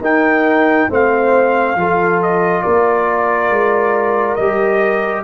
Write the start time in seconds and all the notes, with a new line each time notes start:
0.00 D#4 A#4 G5
0.89 A3 C4 C5 F5
1.75 F3 F4 A4
2.22 D#5
2.62 A#3 A#4 D5
3.50 G#3
4.35 G3 G4 D#5